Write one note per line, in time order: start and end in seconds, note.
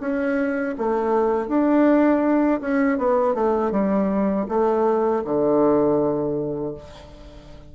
0.00 0.75 C#4
0.78 1.48 A3
1.48 2.60 D4
2.61 2.98 C#4
2.98 3.34 B3
3.34 3.71 A3
3.71 4.46 G3
4.48 5.23 A3
5.24 6.74 D3